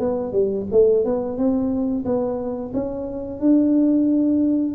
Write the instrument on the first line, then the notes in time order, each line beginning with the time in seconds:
tuba
0.00 B3
0.33 G3
0.72 A3
1.05 B3
1.38 C4
2.06 B3
2.74 C#4
3.40 D4